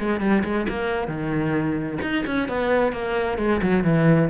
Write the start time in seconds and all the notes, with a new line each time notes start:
0.00 G#3
0.21 G3
0.44 G#3
0.69 A#3
1.08 D#3
2.03 D#4
2.27 C#4
2.49 B3
2.93 A#3
3.39 G#3
3.62 F#3
3.84 E3